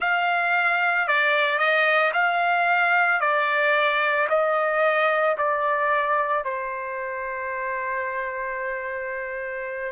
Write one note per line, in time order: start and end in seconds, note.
0.00 1.07 F5
1.07 1.58 D5
1.58 2.11 D#5
2.13 3.20 F5
3.20 4.27 D5
4.29 5.36 D#5
5.37 6.44 D5
6.44 9.91 C5